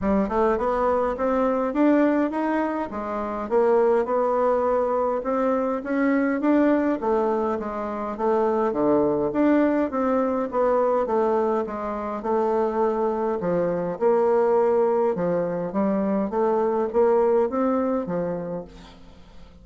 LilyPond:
\new Staff \with { instrumentName = "bassoon" } { \time 4/4 \tempo 4 = 103 g8 a8 b4 c'4 d'4 | dis'4 gis4 ais4 b4~ | b4 c'4 cis'4 d'4 | a4 gis4 a4 d4 |
d'4 c'4 b4 a4 | gis4 a2 f4 | ais2 f4 g4 | a4 ais4 c'4 f4 | }